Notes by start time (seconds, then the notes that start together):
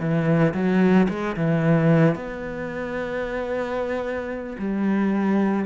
0.00 E3
0.54 F#3
1.09 G#3
1.36 E3
2.15 B3
4.58 G3